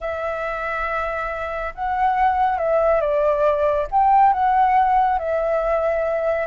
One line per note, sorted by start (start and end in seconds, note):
0.00 1.73 E5
1.74 2.57 F#5
2.57 3.01 E5
3.01 3.87 D5
3.91 4.32 G5
4.32 5.18 F#5
5.18 6.47 E5